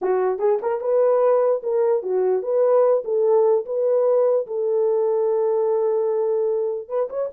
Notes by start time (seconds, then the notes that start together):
0.01 F#4
0.39 G#4
0.62 A#4
0.81 B4
1.62 A#4
2.02 F#4
2.42 B4
3.04 A4
3.65 B4
4.46 A4
6.88 B4
7.09 C#5